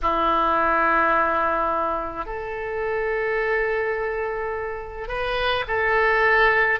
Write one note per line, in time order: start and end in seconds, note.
0.02 2.25 E4
2.25 5.07 A4
5.07 5.64 B4
5.67 6.79 A4